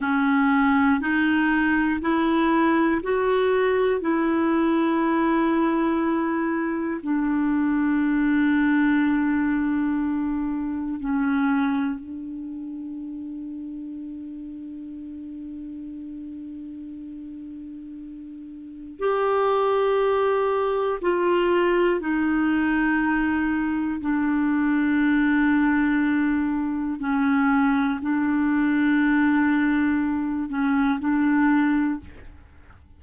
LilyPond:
\new Staff \with { instrumentName = "clarinet" } { \time 4/4 \tempo 4 = 60 cis'4 dis'4 e'4 fis'4 | e'2. d'4~ | d'2. cis'4 | d'1~ |
d'2. g'4~ | g'4 f'4 dis'2 | d'2. cis'4 | d'2~ d'8 cis'8 d'4 | }